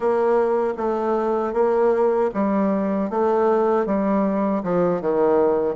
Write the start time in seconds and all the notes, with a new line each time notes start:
0.00 A#3
0.77 A3
1.53 A#3
2.34 G3
3.09 A3
3.86 G3
4.63 F3
5.01 D#3